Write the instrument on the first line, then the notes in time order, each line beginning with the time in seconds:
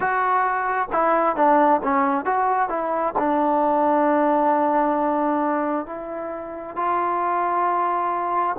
trombone
0.00 F#4
0.92 E4
1.35 D4
1.83 C#4
2.25 F#4
2.69 E4
3.18 D4
5.85 E4
6.76 F4